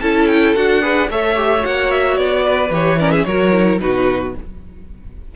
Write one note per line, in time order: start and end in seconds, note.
0.00 0.55 C#4
0.00 0.55 E4
0.00 0.82 A4
0.00 0.27 A5
0.27 0.54 G5
0.55 1.09 D4
0.55 0.81 F#4
0.55 1.09 F#5
0.81 1.08 G#4
0.81 1.09 B4
1.09 1.63 A3
1.09 1.36 A4
1.09 2.45 C#5
1.09 1.64 E5
1.36 1.59 G4
1.59 2.17 A#3
1.59 2.67 F#4
1.59 1.90 F#5
1.90 2.17 E5
2.17 2.70 B3
2.17 2.71 D5
2.45 2.99 B4
2.70 3.24 E3
2.70 2.98 G4
2.70 2.99 C#5
2.98 3.25 C#4
2.98 3.12 A#4
2.98 3.11 D5
3.11 3.25 G#4
3.11 3.24 E5
3.24 3.80 F#3
3.24 3.52 F#4
3.24 3.81 A#4
3.24 3.78 C#5
3.52 3.79 E4
3.79 4.34 B2
3.79 4.33 D#4
3.79 4.35 F#4
3.79 4.34 B4